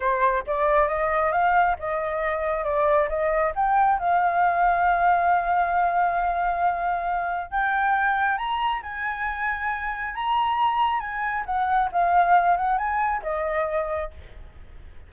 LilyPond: \new Staff \with { instrumentName = "flute" } { \time 4/4 \tempo 4 = 136 c''4 d''4 dis''4 f''4 | dis''2 d''4 dis''4 | g''4 f''2.~ | f''1~ |
f''4 g''2 ais''4 | gis''2. ais''4~ | ais''4 gis''4 fis''4 f''4~ | f''8 fis''8 gis''4 dis''2 | }